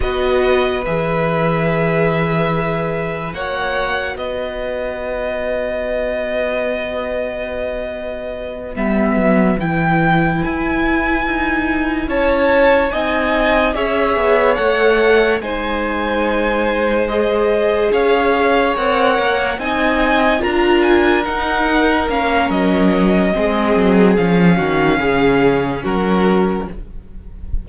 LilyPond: <<
  \new Staff \with { instrumentName = "violin" } { \time 4/4 \tempo 4 = 72 dis''4 e''2. | fis''4 dis''2.~ | dis''2~ dis''8 e''4 g''8~ | g''8 gis''2 a''4 gis''8~ |
gis''8 e''4 fis''4 gis''4.~ | gis''8 dis''4 f''4 fis''4 gis''8~ | gis''8 ais''8 gis''8 fis''4 f''8 dis''4~ | dis''4 f''2 ais'4 | }
  \new Staff \with { instrumentName = "violin" } { \time 4/4 b'1 | cis''4 b'2.~ | b'1~ | b'2~ b'8 cis''4 dis''8~ |
dis''8 cis''2 c''4.~ | c''4. cis''2 dis''8~ | dis''8 ais'2.~ ais'8 | gis'4. fis'8 gis'4 fis'4 | }
  \new Staff \with { instrumentName = "viola" } { \time 4/4 fis'4 gis'2. | fis'1~ | fis'2~ fis'8 b4 e'8~ | e'2.~ e'8 dis'8~ |
dis'8 gis'4 a'4 dis'4.~ | dis'8 gis'2 ais'4 dis'8~ | dis'8 f'4 dis'4 cis'4. | c'4 cis'2. | }
  \new Staff \with { instrumentName = "cello" } { \time 4/4 b4 e2. | ais4 b2.~ | b2~ b8 g8 fis8 e8~ | e8 e'4 dis'4 cis'4 c'8~ |
c'8 cis'8 b8 a4 gis4.~ | gis4. cis'4 c'8 ais8 c'8~ | c'8 d'4 dis'4 ais8 fis4 | gis8 fis8 f8 dis8 cis4 fis4 | }
>>